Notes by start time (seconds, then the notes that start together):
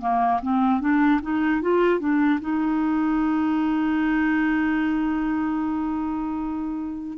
0.00 A#3
0.41 C4
0.80 D4
1.21 D#4
1.61 F4
1.99 D4
2.40 D#4